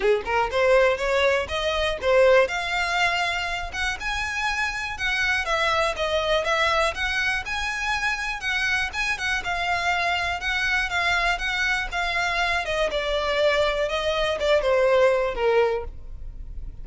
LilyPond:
\new Staff \with { instrumentName = "violin" } { \time 4/4 \tempo 4 = 121 gis'8 ais'8 c''4 cis''4 dis''4 | c''4 f''2~ f''8 fis''8 | gis''2 fis''4 e''4 | dis''4 e''4 fis''4 gis''4~ |
gis''4 fis''4 gis''8 fis''8 f''4~ | f''4 fis''4 f''4 fis''4 | f''4. dis''8 d''2 | dis''4 d''8 c''4. ais'4 | }